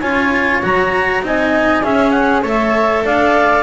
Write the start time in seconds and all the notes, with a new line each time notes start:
0.00 C#4 F4 C#5 G#5
0.63 F#3 F#4 A#5
1.23 C4 D#4 D#5 G#5
1.83 C#4 G#4 E5
2.11 F#5
2.43 A3 A4 C#5 E5
3.05 D4 D5 F5